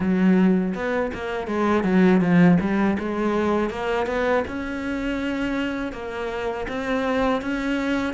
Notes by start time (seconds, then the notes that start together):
0.00 F#3
0.74 B3
1.13 A#3
1.47 G#3
1.83 F#3
2.20 F3
2.60 G3
2.99 G#3
3.70 A#3
4.06 B3
4.47 C#4
5.92 A#3
6.68 C4
7.41 C#4